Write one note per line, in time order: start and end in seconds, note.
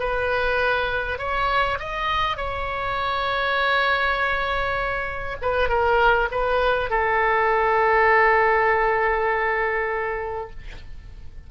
0.00 1.19 B4
1.19 1.79 C#5
1.80 2.37 D#5
2.37 5.37 C#5
5.42 5.69 B4
5.69 6.29 A#4
6.32 6.91 B4
6.91 10.51 A4